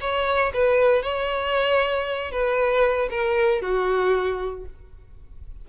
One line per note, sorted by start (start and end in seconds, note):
0.00 0.52 C#5
0.53 1.02 B4
1.02 2.31 C#5
2.31 3.08 B4
3.10 3.61 A#4
3.61 4.65 F#4